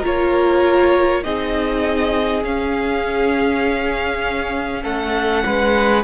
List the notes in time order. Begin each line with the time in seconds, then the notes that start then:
0.00 A#3 F4 A#4 C#5
1.24 C4 D#4 G#4 D#5
2.44 C#4 F5
4.83 A3 A4 F#5
5.46 G#3 B4